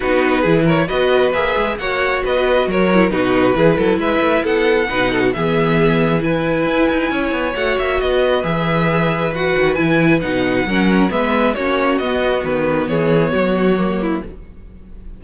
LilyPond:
<<
  \new Staff \with { instrumentName = "violin" } { \time 4/4 \tempo 4 = 135 b'4. cis''8 dis''4 e''4 | fis''4 dis''4 cis''4 b'4~ | b'4 e''4 fis''2 | e''2 gis''2~ |
gis''4 fis''8 e''8 dis''4 e''4~ | e''4 fis''4 gis''4 fis''4~ | fis''4 e''4 cis''4 dis''4 | b'4 cis''2. | }
  \new Staff \with { instrumentName = "violin" } { \time 4/4 fis'4 gis'8 ais'8 b'2 | cis''4 b'4 ais'4 fis'4 | gis'8 a'8 b'4 a'4 b'8 a'16 fis'16 | gis'2 b'2 |
cis''2 b'2~ | b'1 | ais'4 b'4 fis'2~ | fis'4 gis'4 fis'4. e'8 | }
  \new Staff \with { instrumentName = "viola" } { \time 4/4 dis'4 e'4 fis'4 gis'4 | fis'2~ fis'8 e'8 dis'4 | e'2. dis'4 | b2 e'2~ |
e'4 fis'2 gis'4~ | gis'4 fis'4 e'4 dis'4 | cis'4 b4 cis'4 b4~ | b2. ais4 | }
  \new Staff \with { instrumentName = "cello" } { \time 4/4 b4 e4 b4 ais8 gis8 | ais4 b4 fis4 b,4 | e8 fis8 gis8 a8 b4 b,4 | e2. e'8 dis'8 |
cis'8 b8 a8 ais8 b4 e4~ | e4. dis8 e4 b,4 | fis4 gis4 ais4 b4 | dis4 e4 fis2 | }
>>